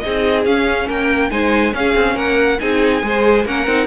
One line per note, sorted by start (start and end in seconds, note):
0.00 0.47 D#4
0.00 0.87 G#4
0.00 0.43 D#5
0.06 0.46 C4
0.46 0.89 C#4
0.46 1.31 C#4
0.46 0.89 F5
0.87 1.31 A#3
0.87 1.30 A#4
0.87 1.31 G5
1.31 1.74 G#3
1.31 1.72 D#4
1.31 1.75 C5
1.31 1.74 G#5
1.72 2.58 C#4
1.72 1.95 C#4
1.72 2.18 F5
1.78 2.15 G#4
1.96 2.16 C4
2.15 2.59 A#3
2.15 2.58 A#4
2.15 2.60 F#5
2.60 3.03 C4
2.60 3.03 D#4
2.60 3.04 G#4
2.60 3.46 G#5
3.03 3.46 G#3
3.03 3.46 G#4
3.03 3.46 C5
3.46 3.67 A#3
3.46 3.68 C#4
3.46 3.87 A#4
3.46 3.87 F#5
3.67 3.87 C4
3.67 3.87 D#4